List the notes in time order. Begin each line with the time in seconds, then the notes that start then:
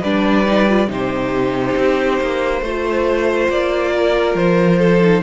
0.00 G3 D4 B4 D5
0.45 D#4
0.68 F4
0.87 C3 D#4 G4 C5
1.76 C4
2.21 A#3
2.61 A3 F4 C5
3.49 A#3 D5
3.96 A#4
4.35 F3 C5
4.79 A4
5.01 D#4